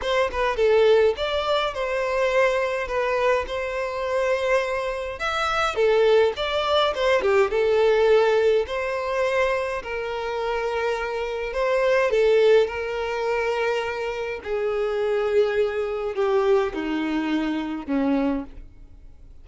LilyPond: \new Staff \with { instrumentName = "violin" } { \time 4/4 \tempo 4 = 104 c''8 b'8 a'4 d''4 c''4~ | c''4 b'4 c''2~ | c''4 e''4 a'4 d''4 | c''8 g'8 a'2 c''4~ |
c''4 ais'2. | c''4 a'4 ais'2~ | ais'4 gis'2. | g'4 dis'2 cis'4 | }